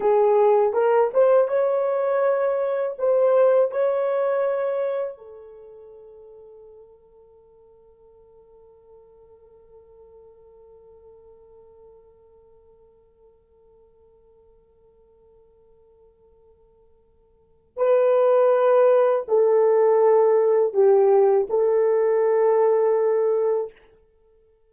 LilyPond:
\new Staff \with { instrumentName = "horn" } { \time 4/4 \tempo 4 = 81 gis'4 ais'8 c''8 cis''2 | c''4 cis''2 a'4~ | a'1~ | a'1~ |
a'1~ | a'1 | b'2 a'2 | g'4 a'2. | }